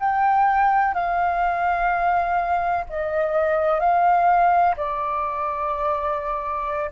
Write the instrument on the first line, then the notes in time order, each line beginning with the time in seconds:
flute
0.00 G5
0.94 F5
2.90 D#5
3.80 F5
4.77 D5